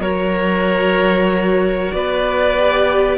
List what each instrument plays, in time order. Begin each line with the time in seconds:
0.00 cello F#3, viola F#4, oboe A#4, violin C#5
1.92 cello B3, oboe B4, violin D5
2.58 viola G4